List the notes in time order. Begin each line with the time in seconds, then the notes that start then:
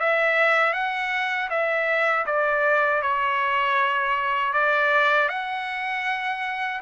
0.00 E5
0.73 F#5
1.50 E5
2.26 D5
3.02 C#5
4.53 D5
5.29 F#5